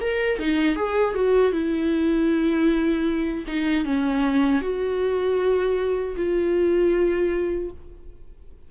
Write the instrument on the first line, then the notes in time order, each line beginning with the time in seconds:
viola
0.00 A#4
0.38 D#4
0.76 G#4
1.14 F#4
1.52 E4
3.47 D#4
3.85 C#4
4.61 F#4
6.16 F4